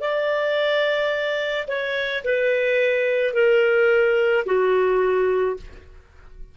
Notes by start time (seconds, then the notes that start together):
0.00 D5
1.67 C#5
2.24 B4
3.33 A#4
4.45 F#4